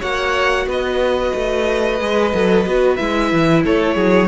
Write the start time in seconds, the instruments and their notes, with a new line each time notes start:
0.00 cello A#3, viola F#4, violin C#5 F#5
0.66 cello B3, violin B4 D#5
1.35 cello A3
2.00 cello G#3, viola G#4
2.34 cello F#3, viola A4
2.66 cello B3, viola F#4
2.96 cello G#3, viola E4, violin E5
3.32 cello E3
3.63 cello A3, violin A4 C#5
3.96 cello F#3, violin G#4